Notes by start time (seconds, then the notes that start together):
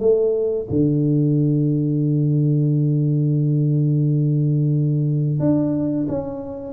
0.00 A3
0.70 D3
5.40 D4
6.09 C#4